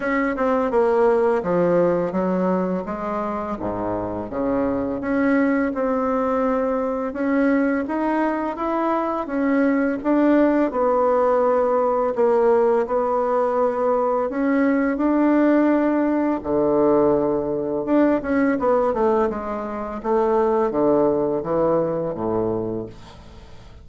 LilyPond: \new Staff \with { instrumentName = "bassoon" } { \time 4/4 \tempo 4 = 84 cis'8 c'8 ais4 f4 fis4 | gis4 gis,4 cis4 cis'4 | c'2 cis'4 dis'4 | e'4 cis'4 d'4 b4~ |
b4 ais4 b2 | cis'4 d'2 d4~ | d4 d'8 cis'8 b8 a8 gis4 | a4 d4 e4 a,4 | }